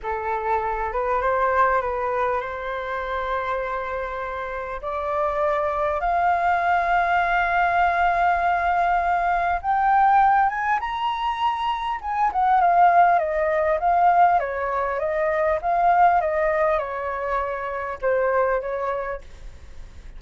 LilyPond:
\new Staff \with { instrumentName = "flute" } { \time 4/4 \tempo 4 = 100 a'4. b'8 c''4 b'4 | c''1 | d''2 f''2~ | f''1 |
g''4. gis''8 ais''2 | gis''8 fis''8 f''4 dis''4 f''4 | cis''4 dis''4 f''4 dis''4 | cis''2 c''4 cis''4 | }